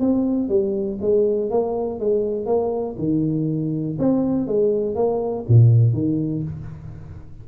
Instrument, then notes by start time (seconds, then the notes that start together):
tuba
0.00 C4
0.49 G3
1.01 G#3
1.50 A#3
2.00 G#3
2.46 A#3
2.98 D#3
3.99 C4
4.47 G#3
4.95 A#3
5.49 A#2
5.93 D#3